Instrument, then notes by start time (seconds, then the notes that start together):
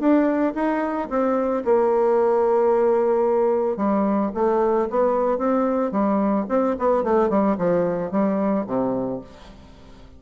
bassoon
0.00 D4
0.55 D#4
1.10 C4
1.65 A#3
3.77 G3
4.35 A3
4.90 B3
5.39 C4
5.92 G3
6.49 C4
6.79 B3
7.04 A3
7.30 G3
7.58 F3
8.12 G3
8.67 C3